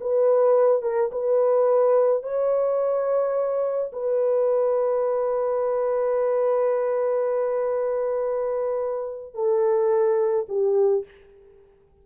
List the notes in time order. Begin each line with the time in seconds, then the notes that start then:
0.00 B4
0.82 A#4
1.12 B4
2.23 C#5
3.92 B4
9.34 A4
10.48 G4